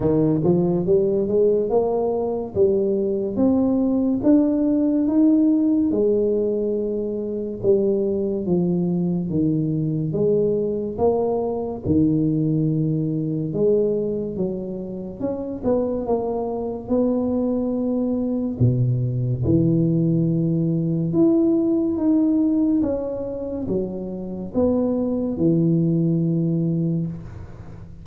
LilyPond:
\new Staff \with { instrumentName = "tuba" } { \time 4/4 \tempo 4 = 71 dis8 f8 g8 gis8 ais4 g4 | c'4 d'4 dis'4 gis4~ | gis4 g4 f4 dis4 | gis4 ais4 dis2 |
gis4 fis4 cis'8 b8 ais4 | b2 b,4 e4~ | e4 e'4 dis'4 cis'4 | fis4 b4 e2 | }